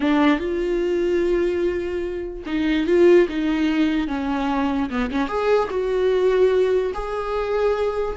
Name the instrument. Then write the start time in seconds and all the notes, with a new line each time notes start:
viola
0.00 D4
0.39 F4
2.46 D#4
2.86 F4
3.29 D#4
4.07 C#4
4.90 B3
5.11 C#4
5.28 G#4
5.69 F#4
6.94 G#4